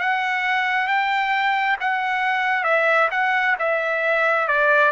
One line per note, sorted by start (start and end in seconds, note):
0.00 0.88 F#5
0.88 1.77 G5
1.81 2.64 F#5
2.64 3.09 E5
3.11 3.56 F#5
3.59 4.48 E5
4.48 4.92 D5